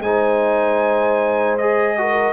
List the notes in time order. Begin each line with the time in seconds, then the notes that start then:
0.00 G#3 D#4 C5 G#5
1.58 G#4 D#5
1.98 F#4 A#4